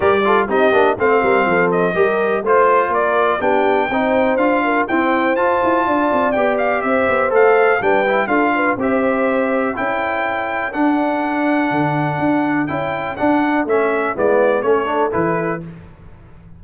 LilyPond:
<<
  \new Staff \with { instrumentName = "trumpet" } { \time 4/4 \tempo 4 = 123 d''4 dis''4 f''4. dis''8~ | dis''4 c''4 d''4 g''4~ | g''4 f''4 g''4 a''4~ | a''4 g''8 f''8 e''4 f''4 |
g''4 f''4 e''2 | g''2 fis''2~ | fis''2 g''4 fis''4 | e''4 d''4 cis''4 b'4 | }
  \new Staff \with { instrumentName = "horn" } { \time 4/4 ais'8 a'8 g'4 c''8 ais'8 a'4 | ais'4 c''4 ais'4 g'4 | c''4. ais'8 c''2 | d''2 c''2 |
b'4 a'8 b'8 c''2 | a'1~ | a'1~ | a'4 e'4 a'2 | }
  \new Staff \with { instrumentName = "trombone" } { \time 4/4 g'8 f'8 dis'8 d'8 c'2 | g'4 f'2 d'4 | dis'4 f'4 c'4 f'4~ | f'4 g'2 a'4 |
d'8 e'8 f'4 g'2 | e'2 d'2~ | d'2 e'4 d'4 | cis'4 b4 cis'8 d'8 e'4 | }
  \new Staff \with { instrumentName = "tuba" } { \time 4/4 g4 c'8 ais8 a8 g8 f4 | g4 a4 ais4 b4 | c'4 d'4 e'4 f'8 e'8 | d'8 c'8 b4 c'8 b8 a4 |
g4 d'4 c'2 | cis'2 d'2 | d4 d'4 cis'4 d'4 | a4 gis4 a4 e4 | }
>>